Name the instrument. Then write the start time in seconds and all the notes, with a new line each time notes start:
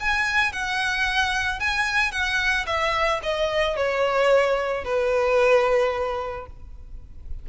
violin
0.00 G#5
0.52 F#5
1.59 G#5
2.12 F#5
2.67 E5
3.23 D#5
3.76 C#5
4.84 B4